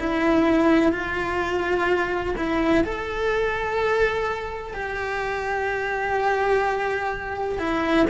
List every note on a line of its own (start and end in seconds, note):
0.00 0.92 E4
0.92 2.35 F4
2.37 2.84 E4
2.84 4.74 A4
4.74 7.59 G4
7.59 8.06 E4